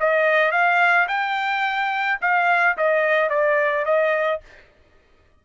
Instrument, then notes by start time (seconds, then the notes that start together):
trumpet
0.00 D#5
0.52 F5
1.08 G5
2.21 F5
2.77 D#5
3.30 D5
3.85 D#5